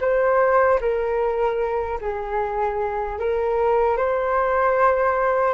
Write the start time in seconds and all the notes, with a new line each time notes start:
0.00 C5
0.80 A#4
2.01 G#4
3.18 A#4
3.97 C5